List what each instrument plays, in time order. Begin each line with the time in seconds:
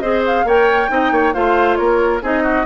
0.00 bassoon C4, clarinet G#4, oboe C5, flute D#5
0.27 flute F5
0.45 bassoon A#3, clarinet A#4, oboe C#5, flute G5
0.89 bassoon C4, clarinet D#4, oboe D#5
1.12 bassoon A#3, oboe C#5
1.34 bassoon A3, clarinet F4, oboe C5, flute F5
1.76 bassoon A#3, oboe A#4, flute C#5
2.23 bassoon C4, clarinet D#4, oboe G#4, flute D#5
2.43 oboe F#4